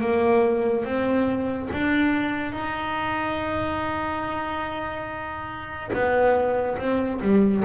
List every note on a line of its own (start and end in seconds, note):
0.00 0.84 A#3
0.84 1.69 C4
1.72 2.52 D4
2.52 5.90 D#4
5.93 6.77 B3
6.78 7.20 C4
7.21 7.63 G3